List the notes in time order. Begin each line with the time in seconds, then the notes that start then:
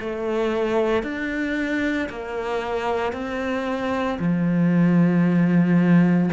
0.00 A3
1.04 D4
2.10 A#3
3.13 C4
4.20 F3